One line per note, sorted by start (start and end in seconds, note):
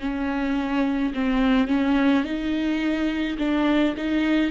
0.00 1.13 C#4
1.14 1.68 C4
1.68 2.24 C#4
2.24 3.38 D#4
3.39 3.95 D4
3.97 4.51 D#4